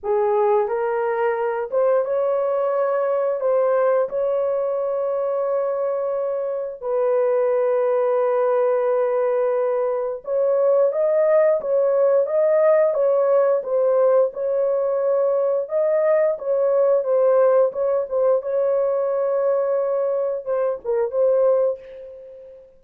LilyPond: \new Staff \with { instrumentName = "horn" } { \time 4/4 \tempo 4 = 88 gis'4 ais'4. c''8 cis''4~ | cis''4 c''4 cis''2~ | cis''2 b'2~ | b'2. cis''4 |
dis''4 cis''4 dis''4 cis''4 | c''4 cis''2 dis''4 | cis''4 c''4 cis''8 c''8 cis''4~ | cis''2 c''8 ais'8 c''4 | }